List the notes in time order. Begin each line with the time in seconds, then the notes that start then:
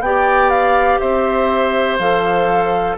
0.00 B3 G4 D5 G5
0.50 F5
0.99 C4 C5 E5
1.99 F3 A4 F5